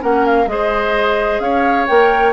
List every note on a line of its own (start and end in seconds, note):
0.00 0.47 A#3
0.00 0.47 C#4
0.00 0.48 A#4
0.00 0.25 F#5
0.25 0.48 F5
0.47 1.39 G#3
0.47 1.87 G#4
0.47 1.42 C5
0.47 1.40 D#5
1.39 1.86 C#4
1.39 2.33 C#5
1.39 1.87 F5
1.87 2.33 A#3
1.87 2.33 A#4
1.87 2.33 G5